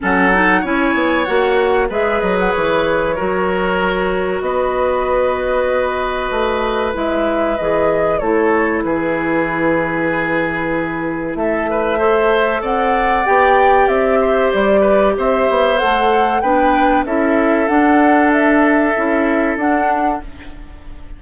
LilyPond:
<<
  \new Staff \with { instrumentName = "flute" } { \time 4/4 \tempo 4 = 95 fis''4 gis''4 fis''4 e''8 dis''16 fis''16 | cis''2. dis''4~ | dis''2. e''4 | dis''4 cis''4 b'2~ |
b'2 e''2 | fis''4 g''4 e''4 d''4 | e''4 fis''4 g''4 e''4 | fis''4 e''2 fis''4 | }
  \new Staff \with { instrumentName = "oboe" } { \time 4/4 a'4 cis''2 b'4~ | b'4 ais'2 b'4~ | b'1~ | b'4 a'4 gis'2~ |
gis'2 a'8 b'8 c''4 | d''2~ d''8 c''4 b'8 | c''2 b'4 a'4~ | a'1 | }
  \new Staff \with { instrumentName = "clarinet" } { \time 4/4 cis'8 dis'8 e'4 fis'4 gis'4~ | gis'4 fis'2.~ | fis'2. e'4 | gis'4 e'2.~ |
e'2. a'4~ | a'4 g'2.~ | g'4 a'4 d'4 e'4 | d'2 e'4 d'4 | }
  \new Staff \with { instrumentName = "bassoon" } { \time 4/4 fis4 cis'8 b8 ais4 gis8 fis8 | e4 fis2 b4~ | b2 a4 gis4 | e4 a4 e2~ |
e2 a2 | c'4 b4 c'4 g4 | c'8 b8 a4 b4 cis'4 | d'2 cis'4 d'4 | }
>>